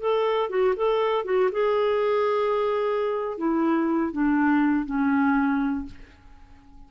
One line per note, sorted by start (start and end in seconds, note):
0.00 0.50 A4
0.50 0.75 F#4
0.76 1.25 A4
1.25 1.50 F#4
1.52 3.38 G#4
3.38 4.13 E4
4.13 4.86 D4
4.86 5.86 C#4